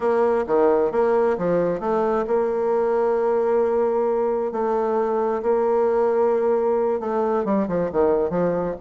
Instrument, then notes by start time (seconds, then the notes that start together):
bassoon
0.00 A#3
0.46 D#3
0.91 A#3
1.38 F3
1.80 A3
2.27 A#3
4.51 A3
5.42 A#3
6.99 A3
7.44 G3
7.68 F3
7.92 D#3
8.30 F3